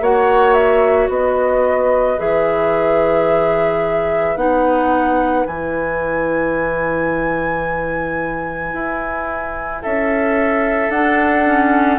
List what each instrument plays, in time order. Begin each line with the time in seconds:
0.00 bassoon A#3, clarinet F#4, oboe C#5, flute F#5
0.53 flute E5
1.08 bassoon B3, oboe B4, flute D#5
2.18 bassoon E3, clarinet G#4, flute E5
4.36 bassoon B3, clarinet D#4, flute F#5
5.45 bassoon E3, clarinet E4, flute G#5
8.73 bassoon E4
9.82 bassoon C#4, oboe A4, flute E5
10.89 bassoon D4, clarinet D4, flute F#5
11.46 clarinet C#4